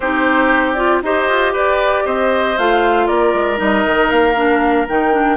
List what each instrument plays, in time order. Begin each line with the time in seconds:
0.00 bassoon C4, clarinet D#4, oboe G4, flute C5
0.73 clarinet F4, flute D5
1.02 bassoon D#4, clarinet G4, oboe C5, flute D#5
1.27 bassoon F4
1.52 bassoon G4, oboe B4, flute D5
2.05 bassoon C4, oboe C5, flute D#5
2.57 bassoon A3, clarinet F4, flute F5
3.06 bassoon A#3, oboe A#4, flute D5
3.33 bassoon G#3
3.55 bassoon G3, clarinet D#4
3.62 flute D#5
3.85 bassoon D#3
4.10 bassoon A#3, flute F5
4.35 clarinet D4
4.88 bassoon D#3, clarinet D#4, flute G5
5.12 clarinet D4